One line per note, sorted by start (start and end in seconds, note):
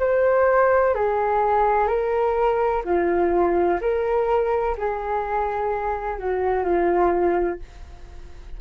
0.00 0.95 C5
0.95 1.87 G#4
1.87 2.83 A#4
2.85 3.81 F4
3.81 4.77 A#4
4.78 6.19 G#4
6.19 6.65 F#4
6.65 7.60 F4